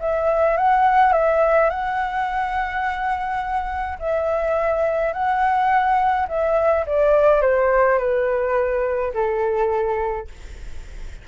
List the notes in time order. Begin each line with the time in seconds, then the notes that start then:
0.00 E5
0.57 F#5
1.13 E5
1.70 F#5
3.99 E5
5.13 F#5
6.29 E5
6.86 D5
7.42 C5
7.99 B4
9.14 A4